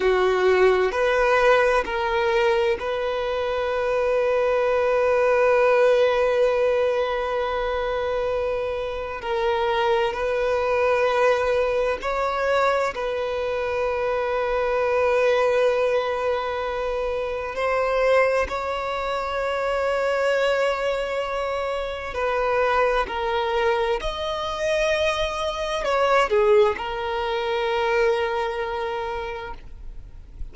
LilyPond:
\new Staff \with { instrumentName = "violin" } { \time 4/4 \tempo 4 = 65 fis'4 b'4 ais'4 b'4~ | b'1~ | b'2 ais'4 b'4~ | b'4 cis''4 b'2~ |
b'2. c''4 | cis''1 | b'4 ais'4 dis''2 | cis''8 gis'8 ais'2. | }